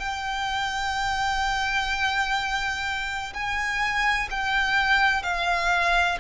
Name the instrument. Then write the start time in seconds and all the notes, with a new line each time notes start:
violin
0.00 G5
3.34 G#5
4.30 G5
5.23 F5